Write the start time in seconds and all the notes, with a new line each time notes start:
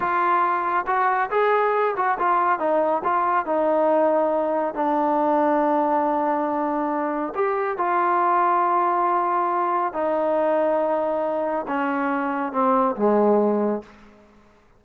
0.00 F4
0.86 F#4
1.30 G#4
1.96 F#4
2.18 F4
2.59 D#4
3.04 F4
3.45 D#4
4.74 D4
7.35 G4
7.77 F4
9.93 D#4
11.67 C#4
12.52 C4
12.96 G#3